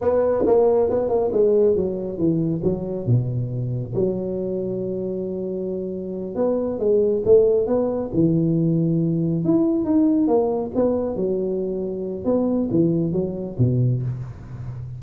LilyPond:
\new Staff \with { instrumentName = "tuba" } { \time 4/4 \tempo 4 = 137 b4 ais4 b8 ais8 gis4 | fis4 e4 fis4 b,4~ | b,4 fis2.~ | fis2~ fis8 b4 gis8~ |
gis8 a4 b4 e4.~ | e4. e'4 dis'4 ais8~ | ais8 b4 fis2~ fis8 | b4 e4 fis4 b,4 | }